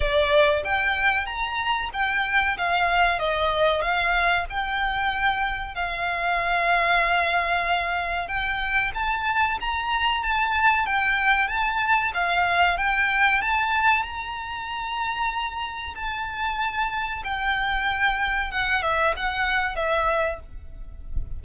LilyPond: \new Staff \with { instrumentName = "violin" } { \time 4/4 \tempo 4 = 94 d''4 g''4 ais''4 g''4 | f''4 dis''4 f''4 g''4~ | g''4 f''2.~ | f''4 g''4 a''4 ais''4 |
a''4 g''4 a''4 f''4 | g''4 a''4 ais''2~ | ais''4 a''2 g''4~ | g''4 fis''8 e''8 fis''4 e''4 | }